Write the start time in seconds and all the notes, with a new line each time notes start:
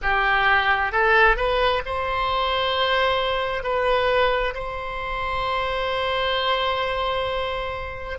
0.02 G4
0.92 A4
1.36 B4
1.85 C5
3.63 B4
4.54 C5